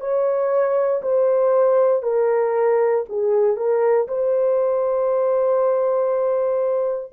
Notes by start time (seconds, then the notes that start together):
0.00 C#5
1.02 C5
2.03 A#4
3.09 G#4
3.57 A#4
4.08 C5